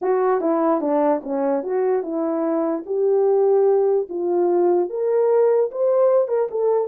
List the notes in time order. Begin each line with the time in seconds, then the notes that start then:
0.01 F#4
0.40 E4
0.81 D4
1.23 C#4
1.63 F#4
2.02 E4
2.86 G4
4.09 F4
4.89 A#4
5.71 C5
6.28 A#4
6.50 A4